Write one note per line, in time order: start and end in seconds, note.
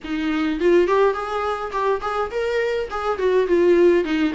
0.04 0.60 D#4
0.60 0.87 F4
0.87 1.13 G4
1.13 1.71 G#4
1.72 2.01 G4
2.01 2.30 G#4
2.31 2.88 A#4
2.90 3.18 G#4
3.18 3.47 F#4
3.47 4.04 F4
4.04 4.33 D#4